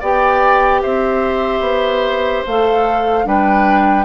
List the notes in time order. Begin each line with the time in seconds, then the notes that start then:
0.00 B3 G4 D5 G5
0.82 C4 C5 E5
1.61 B3
2.46 A3 A4 F5
3.24 G3 D4 B4 G5